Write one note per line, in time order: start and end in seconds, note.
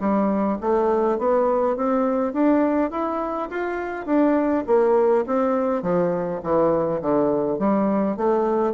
0.00 0.58 G3
0.61 1.19 A3
1.19 1.77 B3
1.77 2.33 C4
2.33 2.91 D4
2.91 3.49 E4
3.50 4.06 F4
4.06 4.64 D4
4.67 5.25 A#3
5.26 5.83 C4
5.83 6.41 F3
6.43 7.01 E3
7.02 7.59 D3
7.59 8.17 G3
8.17 8.74 A3